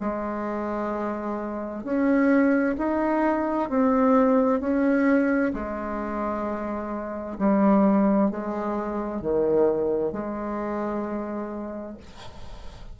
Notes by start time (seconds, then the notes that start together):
0.00 G#3
1.84 C#4
2.78 D#4
3.69 C4
4.60 C#4
5.53 G#3
7.38 G3
8.30 G#3
9.21 D#3
10.12 G#3